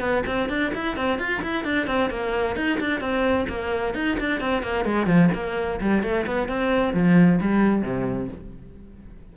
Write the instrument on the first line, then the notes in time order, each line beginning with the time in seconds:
cello
0.00 B3
0.27 C4
0.49 D4
0.74 E4
0.97 C4
1.19 F4
1.42 E4
1.64 D4
1.87 C4
2.10 A#3
2.56 D#4
2.80 D4
3.00 C4
3.49 A#3
3.94 D#4
4.19 D4
4.40 C4
4.63 A#3
4.85 G#3
5.06 F3
5.34 A#3
5.80 G3
6.03 A3
6.26 B3
6.48 C4
6.94 F3
7.41 G3
7.82 C3